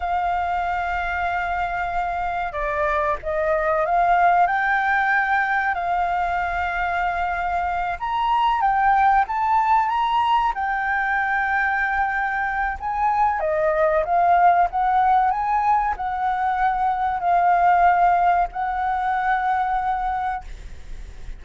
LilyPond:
\new Staff \with { instrumentName = "flute" } { \time 4/4 \tempo 4 = 94 f''1 | d''4 dis''4 f''4 g''4~ | g''4 f''2.~ | f''8 ais''4 g''4 a''4 ais''8~ |
ais''8 g''2.~ g''8 | gis''4 dis''4 f''4 fis''4 | gis''4 fis''2 f''4~ | f''4 fis''2. | }